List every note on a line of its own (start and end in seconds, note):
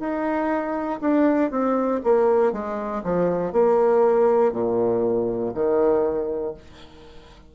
0.00 1.00 D#4
1.01 1.51 D4
1.51 2.01 C4
2.04 2.53 A#3
2.53 3.03 G#3
3.04 3.53 F3
3.53 4.53 A#3
4.53 5.53 A#2
5.55 6.55 D#3